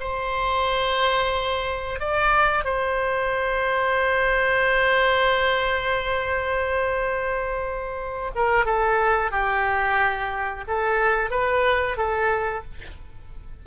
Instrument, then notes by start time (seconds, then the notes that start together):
oboe
0.00 C5
2.00 D5
2.64 C5
8.35 A#4
8.65 A4
9.31 G4
10.68 A4
11.31 B4
11.97 A4